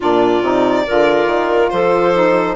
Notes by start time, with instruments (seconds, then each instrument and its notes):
0.00 bassoon A#2, saxophone D4, clarinet F4, violin D5
0.42 bassoon C3, saxophone D#4
0.86 bassoon D3, saxophone F4, clarinet A#4
1.26 bassoon D#3
1.69 bassoon F3, clarinet A4, violin C5
2.14 saxophone D#4